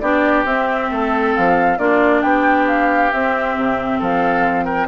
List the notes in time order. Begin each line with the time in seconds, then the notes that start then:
0.00 B3 D4 G4 D5
0.45 C4 E5
0.91 A3 A4
1.35 F3 F5
1.78 A#3 D4 F4 D5
2.22 B3 G4 G5
2.68 F5
3.12 C4 E5
3.57 C3
3.99 F3 A4 F5
4.65 A#4 G5